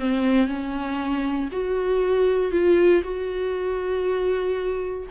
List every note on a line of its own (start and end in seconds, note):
0.00 0.48 C4
0.48 1.50 C#4
1.53 2.52 F#4
2.52 3.03 F4
3.04 5.07 F#4